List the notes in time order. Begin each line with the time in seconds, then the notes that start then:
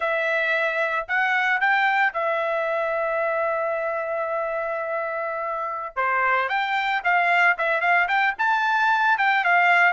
0.00 E5
1.08 F#5
1.60 G5
2.13 E5
5.96 C5
6.49 G5
7.04 F5
7.57 E5
7.81 F5
8.08 G5
8.38 A5
9.18 G5
9.44 F5